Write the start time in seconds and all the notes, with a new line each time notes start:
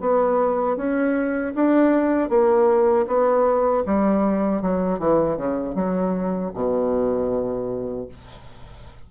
0.00 B3
0.76 C#4
1.55 D4
2.29 A#3
3.07 B3
3.85 G3
4.62 F#3
4.99 E3
5.37 C#3
5.74 F#3
6.54 B2